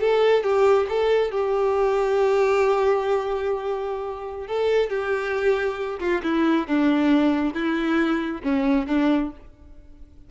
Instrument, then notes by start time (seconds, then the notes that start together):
violin
0.00 A4
0.43 G4
0.88 A4
1.31 G4
4.47 A4
4.90 G4
5.99 F4
6.23 E4
6.67 D4
7.54 E4
8.43 C#4
8.87 D4